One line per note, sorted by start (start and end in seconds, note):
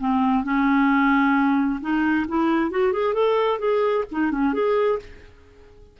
0.00 0.44 C4
0.44 1.81 C#4
1.81 2.26 D#4
2.28 2.71 E4
2.71 2.93 F#4
2.93 3.14 G#4
3.14 3.59 A4
3.59 4.05 G#4
4.12 4.31 D#4
4.31 4.54 C#4
4.54 4.99 G#4